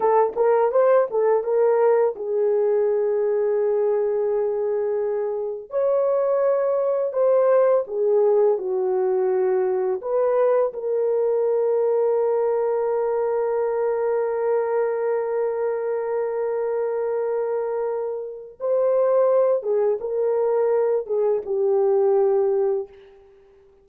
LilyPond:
\new Staff \with { instrumentName = "horn" } { \time 4/4 \tempo 4 = 84 a'8 ais'8 c''8 a'8 ais'4 gis'4~ | gis'1 | cis''2 c''4 gis'4 | fis'2 b'4 ais'4~ |
ais'1~ | ais'1~ | ais'2 c''4. gis'8 | ais'4. gis'8 g'2 | }